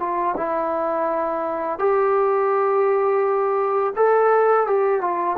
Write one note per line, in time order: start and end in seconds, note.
0.00 0.36 F4
0.37 1.79 E4
1.79 3.94 G4
3.96 4.67 A4
4.67 5.01 G4
5.01 5.37 F4